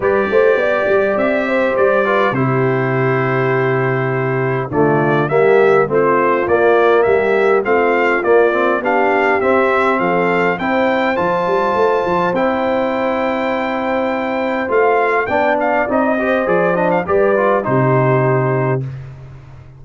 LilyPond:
<<
  \new Staff \with { instrumentName = "trumpet" } { \time 4/4 \tempo 4 = 102 d''2 e''4 d''4 | c''1 | d''4 e''4 c''4 d''4 | e''4 f''4 d''4 f''4 |
e''4 f''4 g''4 a''4~ | a''4 g''2.~ | g''4 f''4 g''8 f''8 dis''4 | d''8 dis''16 f''16 d''4 c''2 | }
  \new Staff \with { instrumentName = "horn" } { \time 4/4 b'8 c''8 d''4. c''4 b'8 | g'1 | f'4 g'4 f'2 | g'4 f'2 g'4~ |
g'4 a'4 c''2~ | c''1~ | c''2 d''4. c''8~ | c''4 b'4 g'2 | }
  \new Staff \with { instrumentName = "trombone" } { \time 4/4 g'2.~ g'8 f'8 | e'1 | a4 ais4 c'4 ais4~ | ais4 c'4 ais8 c'8 d'4 |
c'2 e'4 f'4~ | f'4 e'2.~ | e'4 f'4 d'4 dis'8 g'8 | gis'8 d'8 g'8 f'8 dis'2 | }
  \new Staff \with { instrumentName = "tuba" } { \time 4/4 g8 a8 b8 g8 c'4 g4 | c1 | d4 g4 a4 ais4 | g4 a4 ais4 b4 |
c'4 f4 c'4 f8 g8 | a8 f8 c'2.~ | c'4 a4 b4 c'4 | f4 g4 c2 | }
>>